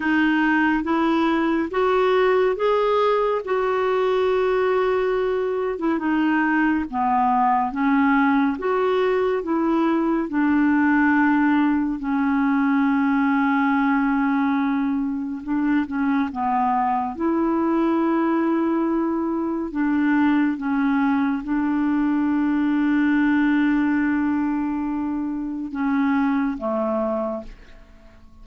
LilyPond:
\new Staff \with { instrumentName = "clarinet" } { \time 4/4 \tempo 4 = 70 dis'4 e'4 fis'4 gis'4 | fis'2~ fis'8. e'16 dis'4 | b4 cis'4 fis'4 e'4 | d'2 cis'2~ |
cis'2 d'8 cis'8 b4 | e'2. d'4 | cis'4 d'2.~ | d'2 cis'4 a4 | }